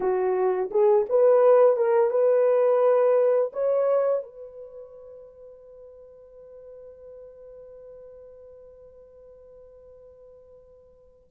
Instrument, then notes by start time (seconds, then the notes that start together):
horn
0.00 F#4
0.70 G#4
1.09 B4
1.76 A#4
2.10 B4
3.53 C#5
4.23 B4